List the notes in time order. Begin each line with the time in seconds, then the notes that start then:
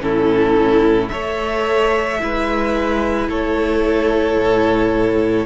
0.00 A2 C#4 E4 A4
1.10 A3 A4 C#5 E5
2.19 G#3 E4 B4
3.28 A3 A4 C#5
4.37 A2